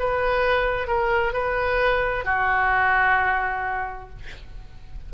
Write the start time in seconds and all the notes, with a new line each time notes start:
0.00 B4
0.88 A#4
1.33 B4
2.25 F#4